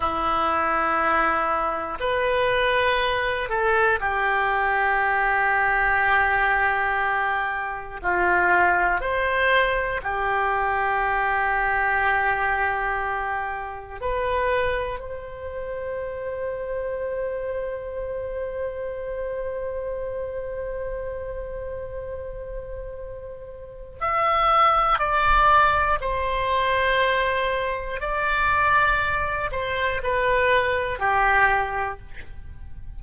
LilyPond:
\new Staff \with { instrumentName = "oboe" } { \time 4/4 \tempo 4 = 60 e'2 b'4. a'8 | g'1 | f'4 c''4 g'2~ | g'2 b'4 c''4~ |
c''1~ | c''1 | e''4 d''4 c''2 | d''4. c''8 b'4 g'4 | }